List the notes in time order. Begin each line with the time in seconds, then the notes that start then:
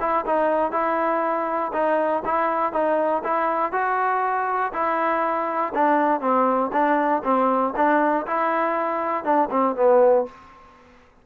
0.00 E4
0.26 D#4
0.72 E4
1.73 D#4
2.25 E4
2.73 D#4
3.24 E4
3.72 F#4
4.73 E4
5.74 D4
6.20 C4
6.73 D4
7.24 C4
7.76 D4
8.27 E4
9.24 D4
9.51 C4
9.76 B3